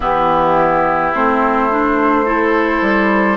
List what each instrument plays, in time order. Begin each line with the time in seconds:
0.00 bassoon E3, clarinet B3, oboe E4, flute G4
1.14 bassoon A3, clarinet C4, flute C5
1.70 clarinet D4
2.25 clarinet E4, oboe A4
2.81 bassoon G3